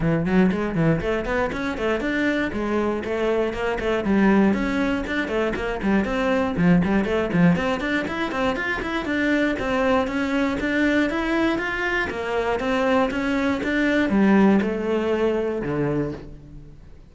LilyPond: \new Staff \with { instrumentName = "cello" } { \time 4/4 \tempo 4 = 119 e8 fis8 gis8 e8 a8 b8 cis'8 a8 | d'4 gis4 a4 ais8 a8 | g4 cis'4 d'8 a8 ais8 g8 | c'4 f8 g8 a8 f8 c'8 d'8 |
e'8 c'8 f'8 e'8 d'4 c'4 | cis'4 d'4 e'4 f'4 | ais4 c'4 cis'4 d'4 | g4 a2 d4 | }